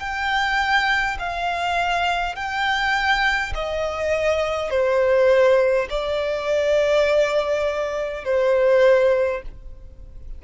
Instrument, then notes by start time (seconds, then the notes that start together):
violin
0.00 G5
1.19 F5
2.35 G5
3.55 D#5
4.70 C5
5.90 D5
8.25 C5